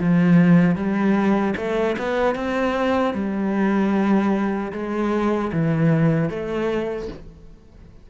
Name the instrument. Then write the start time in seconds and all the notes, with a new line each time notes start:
cello
0.00 F3
0.76 G3
1.57 A3
1.99 B3
2.36 C4
3.14 G3
4.73 G#3
5.53 E3
6.30 A3